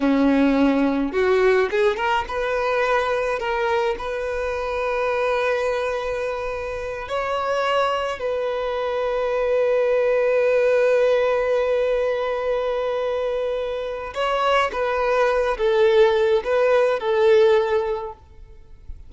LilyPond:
\new Staff \with { instrumentName = "violin" } { \time 4/4 \tempo 4 = 106 cis'2 fis'4 gis'8 ais'8 | b'2 ais'4 b'4~ | b'1~ | b'8 cis''2 b'4.~ |
b'1~ | b'1~ | b'4 cis''4 b'4. a'8~ | a'4 b'4 a'2 | }